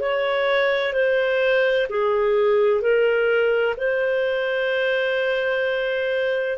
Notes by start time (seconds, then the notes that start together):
0.00 C#5
0.93 C5
1.89 G#4
2.82 A#4
3.77 C5